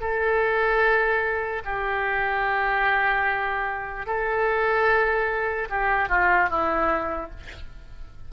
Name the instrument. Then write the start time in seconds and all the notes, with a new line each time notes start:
oboe
0.00 A4
1.64 G4
4.06 A4
5.69 G4
6.09 F4
6.49 E4